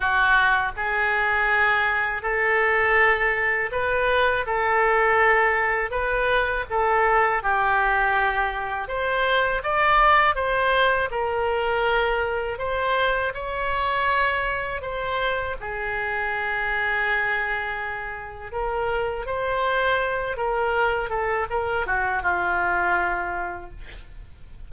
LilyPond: \new Staff \with { instrumentName = "oboe" } { \time 4/4 \tempo 4 = 81 fis'4 gis'2 a'4~ | a'4 b'4 a'2 | b'4 a'4 g'2 | c''4 d''4 c''4 ais'4~ |
ais'4 c''4 cis''2 | c''4 gis'2.~ | gis'4 ais'4 c''4. ais'8~ | ais'8 a'8 ais'8 fis'8 f'2 | }